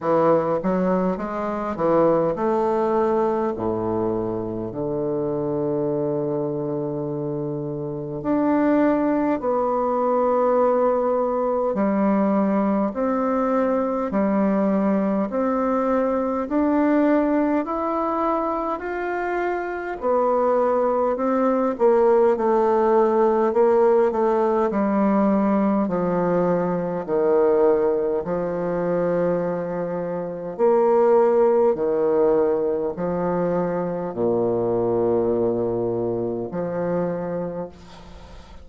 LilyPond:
\new Staff \with { instrumentName = "bassoon" } { \time 4/4 \tempo 4 = 51 e8 fis8 gis8 e8 a4 a,4 | d2. d'4 | b2 g4 c'4 | g4 c'4 d'4 e'4 |
f'4 b4 c'8 ais8 a4 | ais8 a8 g4 f4 dis4 | f2 ais4 dis4 | f4 ais,2 f4 | }